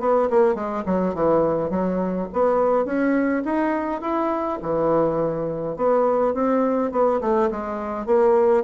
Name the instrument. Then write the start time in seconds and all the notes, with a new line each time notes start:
bassoon
0.00 B3
0.30 A#3
0.55 G#3
0.85 F#3
1.14 E3
1.70 F#3
2.33 B3
2.85 C#4
3.45 D#4
4.01 E4
4.62 E3
5.76 B3
6.34 C4
6.92 B3
7.21 A3
7.51 G#3
8.06 A#3